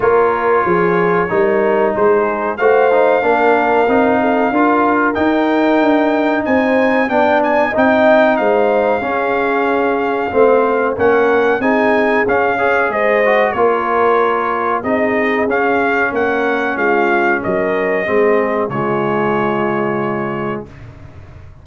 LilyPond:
<<
  \new Staff \with { instrumentName = "trumpet" } { \time 4/4 \tempo 4 = 93 cis''2. c''4 | f''1 | g''2 gis''4 g''8 gis''8 | g''4 f''2.~ |
f''4 fis''4 gis''4 f''4 | dis''4 cis''2 dis''4 | f''4 fis''4 f''4 dis''4~ | dis''4 cis''2. | }
  \new Staff \with { instrumentName = "horn" } { \time 4/4 ais'4 gis'4 ais'4 gis'4 | c''4 ais'4. a'8 ais'4~ | ais'2 c''4 d''4 | dis''4 c''4 gis'2 |
c''4 ais'4 gis'4. cis''8 | c''4 ais'2 gis'4~ | gis'4 ais'4 f'4 ais'4 | gis'4 f'2. | }
  \new Staff \with { instrumentName = "trombone" } { \time 4/4 f'2 dis'2 | fis'8 dis'8 d'4 dis'4 f'4 | dis'2. d'4 | dis'2 cis'2 |
c'4 cis'4 dis'4 cis'8 gis'8~ | gis'8 fis'8 f'2 dis'4 | cis'1 | c'4 gis2. | }
  \new Staff \with { instrumentName = "tuba" } { \time 4/4 ais4 f4 g4 gis4 | a4 ais4 c'4 d'4 | dis'4 d'4 c'4 b4 | c'4 gis4 cis'2 |
a4 ais4 c'4 cis'4 | gis4 ais2 c'4 | cis'4 ais4 gis4 fis4 | gis4 cis2. | }
>>